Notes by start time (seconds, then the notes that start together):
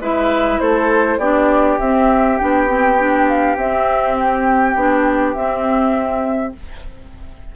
0.00 G#3 E4 B4 E5
0.60 A3 A4 C5
1.18 B3 D4 G4 D5
1.79 C4 E5
2.38 B3 D4 G5
2.68 C4
2.99 D4
3.28 F5
3.57 C4 E5
4.20 G5
4.76 B3 D4
5.34 C4 E5